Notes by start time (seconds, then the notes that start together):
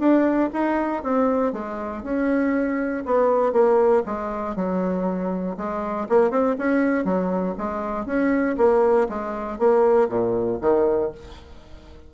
0.00 D4
0.54 D#4
1.04 C4
1.53 G#3
2.04 C#4
3.06 B3
3.53 A#3
4.06 G#3
4.56 F#3
5.58 G#3
6.09 A#3
6.31 C4
6.59 C#4
7.05 F#3
7.58 G#3
8.06 C#4
8.58 A#3
9.09 G#3
9.59 A#3
10.09 A#2
10.62 D#3